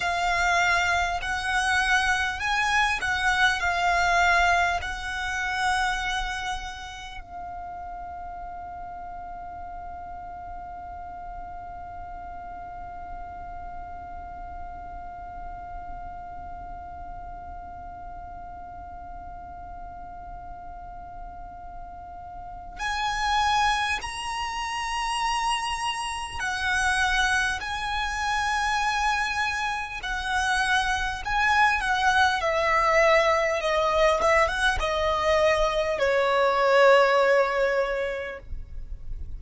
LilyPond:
\new Staff \with { instrumentName = "violin" } { \time 4/4 \tempo 4 = 50 f''4 fis''4 gis''8 fis''8 f''4 | fis''2 f''2~ | f''1~ | f''1~ |
f''2. gis''4 | ais''2 fis''4 gis''4~ | gis''4 fis''4 gis''8 fis''8 e''4 | dis''8 e''16 fis''16 dis''4 cis''2 | }